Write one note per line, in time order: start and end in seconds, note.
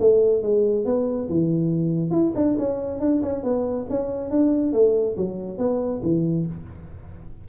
0.00 0.42 A3
0.42 0.85 G#3
0.85 1.28 B3
1.29 2.11 E3
2.11 2.32 E4
2.35 2.57 D4
2.58 3.00 C#4
3.00 3.22 D4
3.22 3.43 C#4
3.43 3.86 B3
3.89 4.30 C#4
4.30 4.73 D4
4.73 5.16 A3
5.17 5.58 F#3
5.58 6.01 B3
6.03 6.46 E3